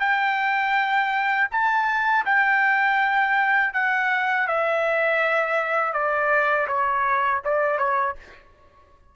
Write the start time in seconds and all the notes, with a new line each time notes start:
0.00 G5
1.51 A5
2.25 G5
3.73 F#5
4.47 E5
5.93 D5
6.68 C#5
7.45 D5
7.78 C#5